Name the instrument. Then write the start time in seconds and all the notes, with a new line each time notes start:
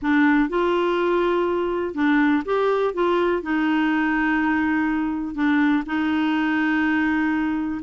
clarinet
0.01 D4
0.49 F4
1.94 D4
2.45 G4
2.94 F4
3.42 D#4
5.34 D4
5.86 D#4